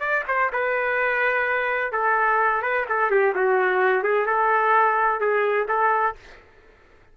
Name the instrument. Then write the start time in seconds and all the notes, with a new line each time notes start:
trumpet
0.00 D5
0.28 C5
0.52 B4
1.92 A4
2.62 B4
2.89 A4
3.11 G4
3.35 F#4
4.03 G#4
4.26 A4
5.20 G#4
5.68 A4